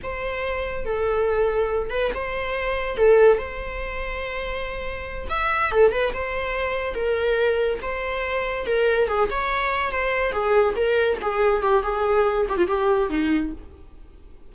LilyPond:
\new Staff \with { instrumentName = "viola" } { \time 4/4 \tempo 4 = 142 c''2 a'2~ | a'8 b'8 c''2 a'4 | c''1~ | c''8 e''4 a'8 b'8 c''4.~ |
c''8 ais'2 c''4.~ | c''8 ais'4 gis'8 cis''4. c''8~ | c''8 gis'4 ais'4 gis'4 g'8 | gis'4. g'16 f'16 g'4 dis'4 | }